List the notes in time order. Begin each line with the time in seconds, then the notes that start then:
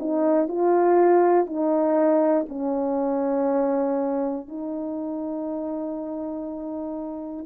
0.00 D#4
0.49 F4
1.47 D#4
2.49 C#4
4.49 D#4